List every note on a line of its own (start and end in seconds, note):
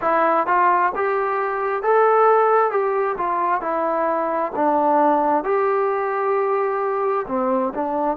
0.01 0.46 E4
0.47 0.92 F4
0.95 1.83 G4
1.83 2.70 A4
2.70 3.16 G4
3.17 3.61 F4
3.61 4.52 E4
4.55 5.44 D4
5.44 7.26 G4
7.27 7.73 C4
7.74 8.17 D4